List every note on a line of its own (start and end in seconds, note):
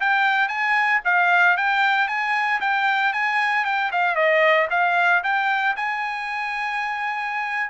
0.00 0.48 G5
0.48 1.00 G#5
1.05 1.57 F5
1.57 2.08 G5
2.08 2.60 G#5
2.61 3.13 G5
3.13 3.65 G#5
3.65 3.91 G5
3.92 4.15 F5
4.15 4.68 D#5
4.70 5.22 F5
5.23 5.76 G5
5.76 7.70 G#5